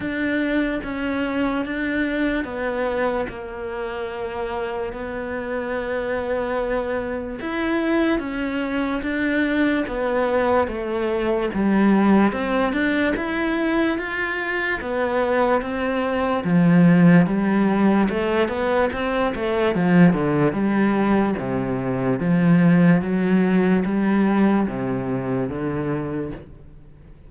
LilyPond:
\new Staff \with { instrumentName = "cello" } { \time 4/4 \tempo 4 = 73 d'4 cis'4 d'4 b4 | ais2 b2~ | b4 e'4 cis'4 d'4 | b4 a4 g4 c'8 d'8 |
e'4 f'4 b4 c'4 | f4 g4 a8 b8 c'8 a8 | f8 d8 g4 c4 f4 | fis4 g4 c4 d4 | }